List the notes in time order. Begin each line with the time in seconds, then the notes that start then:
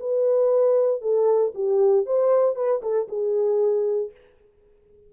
0.00 B4
1.02 A4
1.55 G4
2.06 C5
2.56 B4
2.83 A4
3.09 G#4